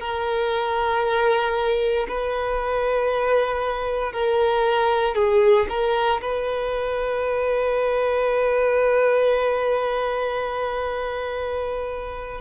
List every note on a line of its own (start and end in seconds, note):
0.00 2.07 A#4
2.08 4.12 B4
4.12 5.15 A#4
5.15 5.67 G#4
5.69 6.21 A#4
6.22 12.41 B4